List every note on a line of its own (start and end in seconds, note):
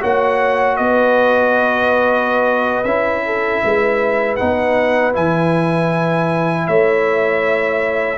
0.00 0.79 A#3
0.00 2.85 F#4
0.00 0.77 C#5
0.00 0.76 F#5
0.76 2.85 B3
0.76 3.25 B4
0.76 2.83 D#5
2.83 3.61 C#4
2.83 4.38 E4
2.83 4.35 E5
3.25 3.63 A4
3.63 4.39 G#3
3.63 6.67 B4
4.36 5.16 B3
4.36 5.13 D#4
4.36 5.12 F#5
5.13 6.68 E3
5.13 8.17 E4
5.13 6.67 G#5
6.67 8.18 A3
6.67 8.18 C#5
6.67 8.18 E5